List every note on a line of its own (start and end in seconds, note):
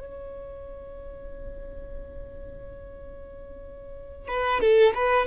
0.00 4.27 C#5
4.27 4.60 B4
4.60 4.93 A4
4.95 5.26 B4